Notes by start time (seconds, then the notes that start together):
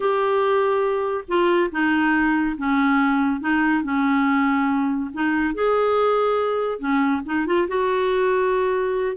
0.00 G4
1.27 F4
1.71 D#4
2.57 C#4
3.40 D#4
3.83 C#4
5.13 D#4
5.54 G#4
6.79 C#4
7.25 D#4
7.46 F4
7.68 F#4